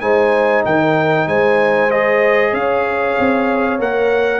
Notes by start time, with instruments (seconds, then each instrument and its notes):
0.00 tuba G#3, trombone D#4, horn C5, trumpet G#5
0.65 tuba D#3, horn A#4, trumpet G5
1.26 tuba G#3, horn C5, trumpet G#5
1.90 trombone G#4, trumpet D#5
2.51 tuba C#4, horn C#5, trumpet F5
3.19 tuba C4
3.79 tuba A#3, trombone A#4, trumpet F#5